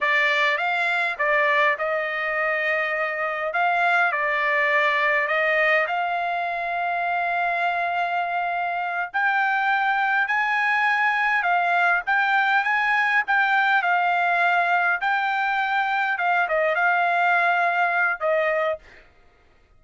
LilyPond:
\new Staff \with { instrumentName = "trumpet" } { \time 4/4 \tempo 4 = 102 d''4 f''4 d''4 dis''4~ | dis''2 f''4 d''4~ | d''4 dis''4 f''2~ | f''2.~ f''8 g''8~ |
g''4. gis''2 f''8~ | f''8 g''4 gis''4 g''4 f''8~ | f''4. g''2 f''8 | dis''8 f''2~ f''8 dis''4 | }